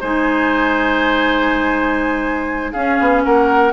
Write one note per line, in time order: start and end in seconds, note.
0.00 2.74 G#3
0.00 2.74 D#4
0.00 2.73 C5
0.00 2.73 G#5
2.73 2.99 C#4
2.73 3.73 C#4
2.73 3.22 G#4
2.73 3.22 F5
3.00 3.25 B3
3.24 3.73 A#3
3.24 3.73 A#4
3.24 3.73 F#5